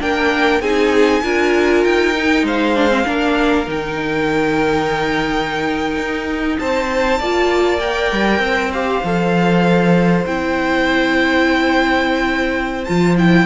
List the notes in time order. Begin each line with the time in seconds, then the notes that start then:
0.00 A#3 D4 A#4 G5
0.61 C4 D#4 G#4 G#5
1.23 D4 F4 A#4
1.85 D#4 G5
2.16 D#4
2.43 G#3 C5 F5
2.77 D4
2.89 C4
3.05 A#3 D4 A#4
3.66 D#3 D#4 G5
5.97 D#4
6.59 C4 C5 A5
7.19 A#3 F4 D5
7.80 A#4 G5
8.12 G3
8.39 C4 C5
8.73 G4 F5
9.04 F3 A4
10.27 C4 E4 G5
12.85 F3 F4 A5
13.18 E4 G5